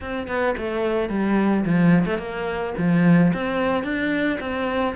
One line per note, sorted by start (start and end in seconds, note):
0.01 0.27 C4
0.27 0.55 B3
0.57 1.09 A3
1.09 1.64 G3
1.65 2.05 F3
2.05 2.18 A3
2.18 2.73 A#3
2.77 3.32 F3
3.33 3.83 C4
3.83 4.38 D4
4.40 4.95 C4